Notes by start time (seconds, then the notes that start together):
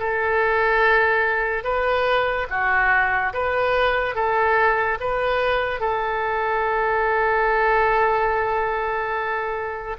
0.00 A4
1.64 B4
2.50 F#4
3.34 B4
4.15 A4
5.00 B4
5.81 A4